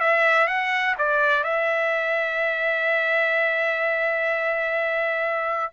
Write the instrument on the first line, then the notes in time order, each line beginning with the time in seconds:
trumpet
0.00 E5
0.48 F#5
0.98 D5
1.44 E5